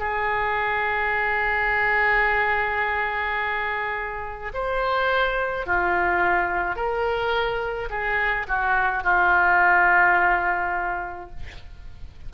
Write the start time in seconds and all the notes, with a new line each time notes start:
0.00 G#4
4.54 C5
5.67 F4
6.76 A#4
7.90 G#4
8.48 F#4
9.04 F4